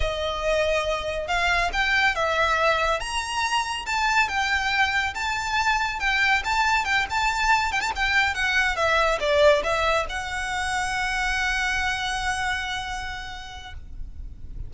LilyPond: \new Staff \with { instrumentName = "violin" } { \time 4/4 \tempo 4 = 140 dis''2. f''4 | g''4 e''2 ais''4~ | ais''4 a''4 g''2 | a''2 g''4 a''4 |
g''8 a''4. g''16 a''16 g''4 fis''8~ | fis''8 e''4 d''4 e''4 fis''8~ | fis''1~ | fis''1 | }